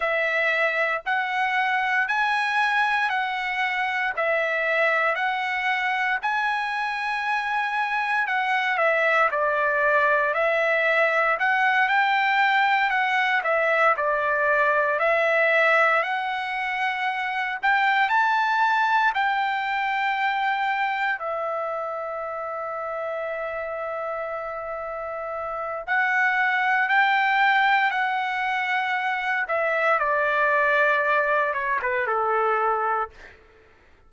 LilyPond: \new Staff \with { instrumentName = "trumpet" } { \time 4/4 \tempo 4 = 58 e''4 fis''4 gis''4 fis''4 | e''4 fis''4 gis''2 | fis''8 e''8 d''4 e''4 fis''8 g''8~ | g''8 fis''8 e''8 d''4 e''4 fis''8~ |
fis''4 g''8 a''4 g''4.~ | g''8 e''2.~ e''8~ | e''4 fis''4 g''4 fis''4~ | fis''8 e''8 d''4. cis''16 b'16 a'4 | }